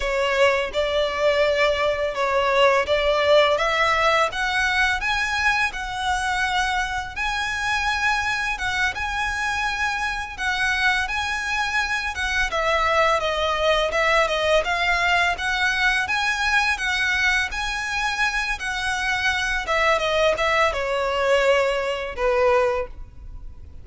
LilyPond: \new Staff \with { instrumentName = "violin" } { \time 4/4 \tempo 4 = 84 cis''4 d''2 cis''4 | d''4 e''4 fis''4 gis''4 | fis''2 gis''2 | fis''8 gis''2 fis''4 gis''8~ |
gis''4 fis''8 e''4 dis''4 e''8 | dis''8 f''4 fis''4 gis''4 fis''8~ | fis''8 gis''4. fis''4. e''8 | dis''8 e''8 cis''2 b'4 | }